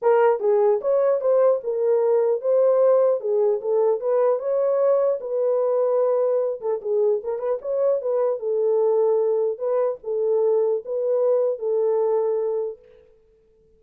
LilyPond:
\new Staff \with { instrumentName = "horn" } { \time 4/4 \tempo 4 = 150 ais'4 gis'4 cis''4 c''4 | ais'2 c''2 | gis'4 a'4 b'4 cis''4~ | cis''4 b'2.~ |
b'8 a'8 gis'4 ais'8 b'8 cis''4 | b'4 a'2. | b'4 a'2 b'4~ | b'4 a'2. | }